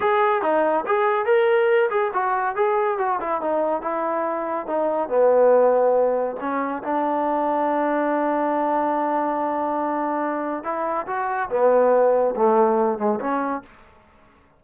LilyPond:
\new Staff \with { instrumentName = "trombone" } { \time 4/4 \tempo 4 = 141 gis'4 dis'4 gis'4 ais'4~ | ais'8 gis'8 fis'4 gis'4 fis'8 e'8 | dis'4 e'2 dis'4 | b2. cis'4 |
d'1~ | d'1~ | d'4 e'4 fis'4 b4~ | b4 a4. gis8 cis'4 | }